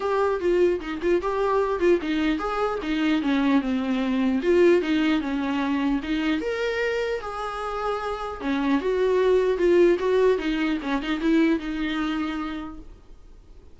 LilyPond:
\new Staff \with { instrumentName = "viola" } { \time 4/4 \tempo 4 = 150 g'4 f'4 dis'8 f'8 g'4~ | g'8 f'8 dis'4 gis'4 dis'4 | cis'4 c'2 f'4 | dis'4 cis'2 dis'4 |
ais'2 gis'2~ | gis'4 cis'4 fis'2 | f'4 fis'4 dis'4 cis'8 dis'8 | e'4 dis'2. | }